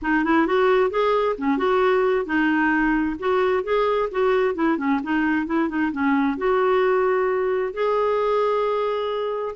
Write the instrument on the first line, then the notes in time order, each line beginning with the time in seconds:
clarinet
0.02 D#4
0.24 E4
0.47 F#4
0.90 G#4
1.37 C#4
1.57 F#4
2.25 D#4
3.19 F#4
3.63 G#4
4.11 F#4
4.54 E4
4.77 C#4
5.03 D#4
5.46 E4
5.68 D#4
5.92 C#4
6.37 F#4
7.73 G#4